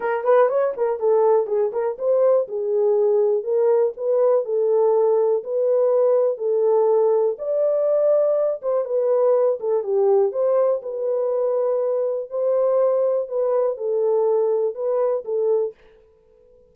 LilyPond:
\new Staff \with { instrumentName = "horn" } { \time 4/4 \tempo 4 = 122 ais'8 b'8 cis''8 ais'8 a'4 gis'8 ais'8 | c''4 gis'2 ais'4 | b'4 a'2 b'4~ | b'4 a'2 d''4~ |
d''4. c''8 b'4. a'8 | g'4 c''4 b'2~ | b'4 c''2 b'4 | a'2 b'4 a'4 | }